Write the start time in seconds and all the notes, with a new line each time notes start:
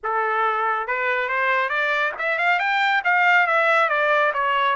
0.03 A4
0.87 B4
1.28 C5
1.69 D5
2.18 E5
2.38 F5
2.59 G5
3.04 F5
3.46 E5
3.89 D5
4.33 C#5